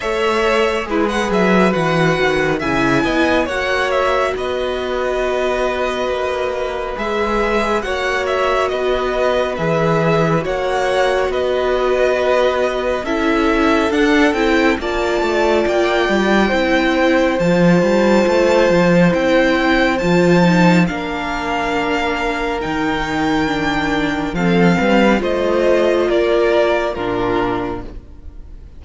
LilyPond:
<<
  \new Staff \with { instrumentName = "violin" } { \time 4/4 \tempo 4 = 69 e''4 e'16 fis''16 e''8 fis''4 gis''4 | fis''8 e''8 dis''2. | e''4 fis''8 e''8 dis''4 e''4 | fis''4 dis''2 e''4 |
fis''8 g''8 a''4 g''2 | a''2 g''4 a''4 | f''2 g''2 | f''4 dis''4 d''4 ais'4 | }
  \new Staff \with { instrumentName = "violin" } { \time 4/4 cis''4 b'2 e''8 dis''8 | cis''4 b'2.~ | b'4 cis''4 b'2 | cis''4 b'2 a'4~ |
a'4 d''2 c''4~ | c''1 | ais'1 | a'8 b'8 c''4 ais'4 f'4 | }
  \new Staff \with { instrumentName = "viola" } { \time 4/4 a'4 gis'4 fis'4 e'4 | fis'1 | gis'4 fis'2 gis'4 | fis'2. e'4 |
d'8 e'8 f'2 e'4 | f'2 e'4 f'8 dis'8 | d'2 dis'4 d'4 | c'4 f'2 d'4 | }
  \new Staff \with { instrumentName = "cello" } { \time 4/4 a4 gis8 fis8 e8 dis8 cis8 b8 | ais4 b2 ais4 | gis4 ais4 b4 e4 | ais4 b2 cis'4 |
d'8 c'8 ais8 a8 ais8 g8 c'4 | f8 g8 a8 f8 c'4 f4 | ais2 dis2 | f8 g8 a4 ais4 ais,4 | }
>>